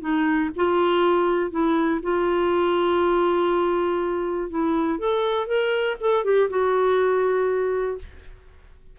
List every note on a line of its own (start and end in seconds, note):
0.00 0.50 D#4
0.55 1.51 F4
1.51 2.00 E4
2.02 4.50 F4
4.50 4.98 E4
4.98 5.47 A4
5.47 5.96 A#4
6.00 6.24 A4
6.24 6.49 G4
6.49 7.98 F#4